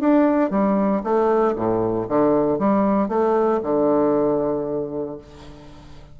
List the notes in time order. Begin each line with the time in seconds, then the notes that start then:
0.00 D4
0.51 G3
1.03 A3
1.56 A2
2.08 D3
2.59 G3
3.08 A3
3.63 D3